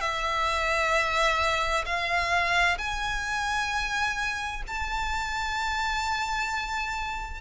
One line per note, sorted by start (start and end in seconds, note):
0.00 1.85 E5
1.85 2.77 F5
2.78 4.62 G#5
4.67 7.41 A5